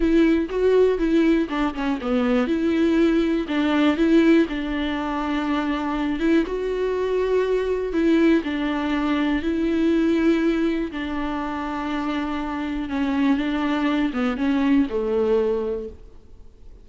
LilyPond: \new Staff \with { instrumentName = "viola" } { \time 4/4 \tempo 4 = 121 e'4 fis'4 e'4 d'8 cis'8 | b4 e'2 d'4 | e'4 d'2.~ | d'8 e'8 fis'2. |
e'4 d'2 e'4~ | e'2 d'2~ | d'2 cis'4 d'4~ | d'8 b8 cis'4 a2 | }